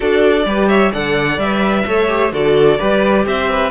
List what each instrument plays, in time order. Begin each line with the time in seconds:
0.00 cello D4, viola F#4, violin A4 D5
0.45 cello G3, viola G4, violin B4
0.68 violin C#5 E5
0.91 cello D3, viola A4, violin D5 F#5
1.37 cello G3, viola B4, violin E5
1.86 cello A3, viola A4, violin C#5
2.08 viola G4
2.32 cello D3, viola F#4, violin A4 D5
2.78 cello G3, viola G4, violin B4
3.25 cello C4, violin C5 E5
3.50 violin B4